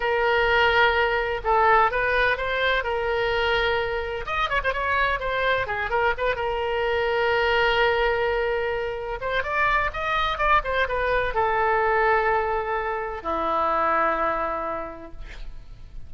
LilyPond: \new Staff \with { instrumentName = "oboe" } { \time 4/4 \tempo 4 = 127 ais'2. a'4 | b'4 c''4 ais'2~ | ais'4 dis''8 cis''16 c''16 cis''4 c''4 | gis'8 ais'8 b'8 ais'2~ ais'8~ |
ais'2.~ ais'8 c''8 | d''4 dis''4 d''8 c''8 b'4 | a'1 | e'1 | }